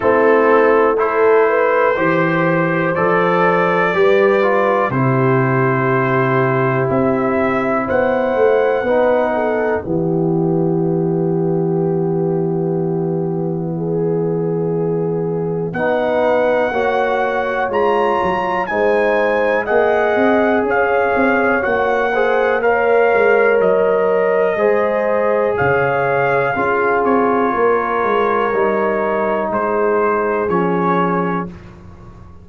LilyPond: <<
  \new Staff \with { instrumentName = "trumpet" } { \time 4/4 \tempo 4 = 61 a'4 c''2 d''4~ | d''4 c''2 e''4 | fis''2 e''2~ | e''1 |
fis''2 ais''4 gis''4 | fis''4 f''4 fis''4 f''4 | dis''2 f''4. cis''8~ | cis''2 c''4 cis''4 | }
  \new Staff \with { instrumentName = "horn" } { \time 4/4 e'4 a'8 b'8 c''2 | b'4 g'2. | c''4 b'8 a'8 g'2~ | g'2 gis'2 |
b'4 cis''2 c''4 | dis''4 cis''4. c''8 cis''4~ | cis''4 c''4 cis''4 gis'4 | ais'2 gis'2 | }
  \new Staff \with { instrumentName = "trombone" } { \time 4/4 c'4 e'4 g'4 a'4 | g'8 f'8 e'2.~ | e'4 dis'4 b2~ | b1 |
dis'4 fis'4 f'4 dis'4 | gis'2 fis'8 gis'8 ais'4~ | ais'4 gis'2 f'4~ | f'4 dis'2 cis'4 | }
  \new Staff \with { instrumentName = "tuba" } { \time 4/4 a2 e4 f4 | g4 c2 c'4 | b8 a8 b4 e2~ | e1 |
b4 ais4 gis8 fis8 gis4 | ais8 c'8 cis'8 c'8 ais4. gis8 | fis4 gis4 cis4 cis'8 c'8 | ais8 gis8 g4 gis4 f4 | }
>>